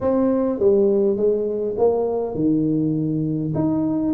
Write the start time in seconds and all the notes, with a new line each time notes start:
0.00 C4
0.59 G3
1.17 G#3
1.78 A#3
2.34 D#3
3.54 D#4